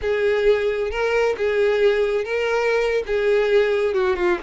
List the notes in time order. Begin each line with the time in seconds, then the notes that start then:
0.01 G#4
0.90 A#4
1.37 G#4
2.24 A#4
3.06 G#4
3.94 F#4
4.15 F4